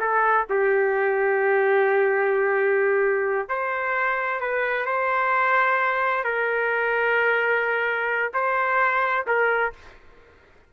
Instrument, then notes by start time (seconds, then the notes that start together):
trumpet
0.00 A4
0.50 G4
3.49 C5
4.41 B4
4.86 C5
6.24 A#4
8.34 C5
9.27 A#4